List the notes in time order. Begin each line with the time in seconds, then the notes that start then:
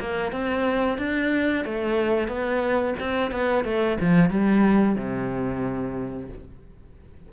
0.00 A#3
0.32 C4
0.98 D4
1.65 A3
2.28 B3
2.99 C4
3.31 B3
3.64 A3
4.00 F3
4.30 G3
4.95 C3